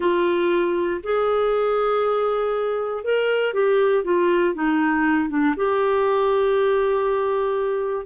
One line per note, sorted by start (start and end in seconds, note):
0.00 1.01 F4
1.03 3.03 G#4
3.03 3.53 A#4
3.53 4.04 G4
4.04 4.54 F4
4.54 5.29 D#4
5.29 5.54 D4
5.56 8.05 G4